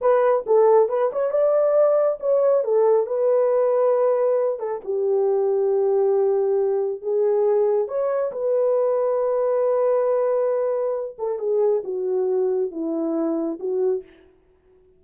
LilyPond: \new Staff \with { instrumentName = "horn" } { \time 4/4 \tempo 4 = 137 b'4 a'4 b'8 cis''8 d''4~ | d''4 cis''4 a'4 b'4~ | b'2~ b'8 a'8 g'4~ | g'1 |
gis'2 cis''4 b'4~ | b'1~ | b'4. a'8 gis'4 fis'4~ | fis'4 e'2 fis'4 | }